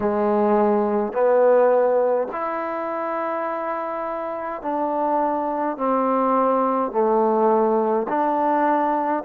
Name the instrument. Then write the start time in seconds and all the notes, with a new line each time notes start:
trombone
0.00 G#3
1.12 B3
2.32 E4
4.62 D4
5.77 C4
6.91 A3
8.08 D4